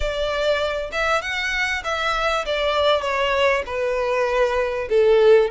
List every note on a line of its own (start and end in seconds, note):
0.00 0.90 D5
0.92 1.21 E5
1.21 1.82 F#5
1.84 2.45 E5
2.45 3.01 D5
3.01 3.63 C#5
3.66 4.88 B4
4.89 5.50 A4